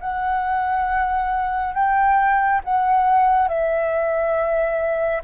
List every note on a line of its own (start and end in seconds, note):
0.00 1.74 F#5
1.74 2.61 G5
2.64 3.48 F#5
3.48 5.22 E5